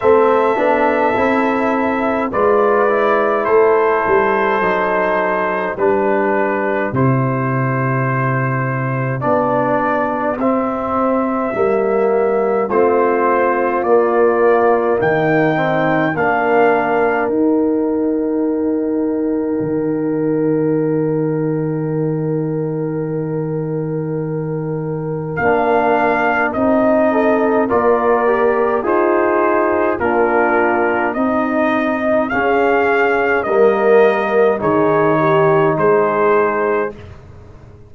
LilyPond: <<
  \new Staff \with { instrumentName = "trumpet" } { \time 4/4 \tempo 4 = 52 e''2 d''4 c''4~ | c''4 b'4 c''2 | d''4 e''2 c''4 | d''4 g''4 f''4 g''4~ |
g''1~ | g''2 f''4 dis''4 | d''4 c''4 ais'4 dis''4 | f''4 dis''4 cis''4 c''4 | }
  \new Staff \with { instrumentName = "horn" } { \time 4/4 a'2 b'4 a'4~ | a'4 g'2.~ | g'2. f'4~ | f'4 dis'4 ais'2~ |
ais'1~ | ais'2.~ ais'8 a'8 | ais'4 dis'4 f'4 dis'4 | gis'4 ais'4 gis'8 g'8 gis'4 | }
  \new Staff \with { instrumentName = "trombone" } { \time 4/4 c'8 d'8 e'4 f'8 e'4. | dis'4 d'4 e'2 | d'4 c'4 ais4 c'4 | ais4. c'8 d'4 dis'4~ |
dis'1~ | dis'2 d'4 dis'4 | f'8 g'8 gis'4 d'4 dis'4 | cis'4 ais4 dis'2 | }
  \new Staff \with { instrumentName = "tuba" } { \time 4/4 a8 b8 c'4 gis4 a8 g8 | fis4 g4 c2 | b4 c'4 g4 a4 | ais4 dis4 ais4 dis'4~ |
dis'4 dis2.~ | dis2 ais4 c'4 | ais4 f'4 ais4 c'4 | cis'4 g4 dis4 gis4 | }
>>